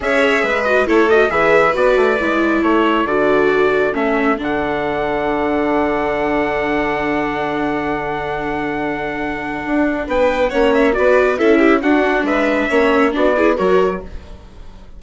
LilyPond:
<<
  \new Staff \with { instrumentName = "trumpet" } { \time 4/4 \tempo 4 = 137 e''4. dis''8 cis''8 dis''8 e''4 | d''2 cis''4 d''4~ | d''4 e''4 fis''2~ | fis''1~ |
fis''1~ | fis''2. g''4 | fis''8 e''8 d''4 e''4 fis''4 | e''2 d''4 cis''4 | }
  \new Staff \with { instrumentName = "violin" } { \time 4/4 cis''4 b'4 a'4 b'4~ | b'2 a'2~ | a'1~ | a'1~ |
a'1~ | a'2. b'4 | cis''4 b'4 a'8 g'8 fis'4 | b'4 cis''4 fis'8 gis'8 ais'4 | }
  \new Staff \with { instrumentName = "viola" } { \time 4/4 gis'4. fis'8 e'8 fis'8 gis'4 | fis'4 e'2 fis'4~ | fis'4 cis'4 d'2~ | d'1~ |
d'1~ | d'1 | cis'4 fis'4 e'4 d'4~ | d'4 cis'4 d'8 e'8 fis'4 | }
  \new Staff \with { instrumentName = "bassoon" } { \time 4/4 cis'4 gis4 a4 e4 | b8 a8 gis4 a4 d4~ | d4 a4 d2~ | d1~ |
d1~ | d2 d'4 b4 | ais4 b4 cis'4 d'4 | gis4 ais4 b4 fis4 | }
>>